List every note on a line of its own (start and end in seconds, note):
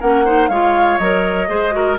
0.00 0.49 A#3
0.00 0.25 C#4
0.00 0.25 A#4
0.00 0.49 F#5
0.25 0.50 D#4
0.25 0.50 C5
0.49 0.99 G#3
0.49 1.01 F4
0.49 1.49 C#5
0.49 0.98 F5
0.98 1.49 F#3
0.98 1.48 A#4
0.98 1.97 D#5
1.48 1.98 G#3
1.48 1.72 G#4
1.48 1.74 C5
1.72 1.97 F#4
1.72 1.99 A#4